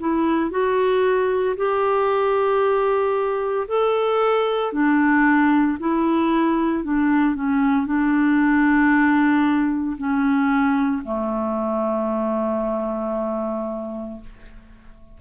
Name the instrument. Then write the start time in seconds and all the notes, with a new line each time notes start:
clarinet
0.00 E4
0.51 F#4
1.57 G4
3.68 A4
4.73 D4
5.80 E4
6.84 D4
7.35 C#4
7.86 D4
9.98 C#4
11.04 A3